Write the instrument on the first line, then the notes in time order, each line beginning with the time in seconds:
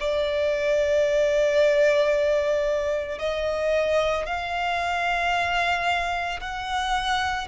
violin
0.00 D5
3.19 D#5
4.26 F5
6.40 F#5